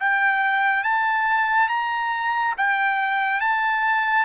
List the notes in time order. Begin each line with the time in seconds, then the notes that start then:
0.00 G5
0.84 A5
1.69 A#5
2.58 G5
3.41 A5